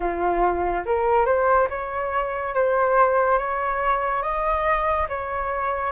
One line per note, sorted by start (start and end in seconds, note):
0.00 0.84 F4
0.85 1.25 A#4
1.25 1.67 C5
1.69 2.54 C#5
2.54 3.38 C5
3.38 4.22 C#5
4.22 5.07 D#5
5.08 5.92 C#5